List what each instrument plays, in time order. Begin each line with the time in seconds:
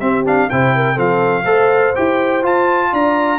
0.00 trombone C4, tuba C4, horn G4, trumpet E5
0.25 trombone D4, trumpet F5
0.50 tuba C3, trombone E4, horn C5, trumpet G5
0.75 horn A#4
0.94 tuba F3, trombone C4, horn A4, trumpet F5
1.44 tuba A3, trombone A4, horn C5
1.96 tuba E4, trombone G4, trumpet G5
2.43 trombone F4, tuba F4, trumpet A5
2.92 tuba D4, horn D5, trumpet A#5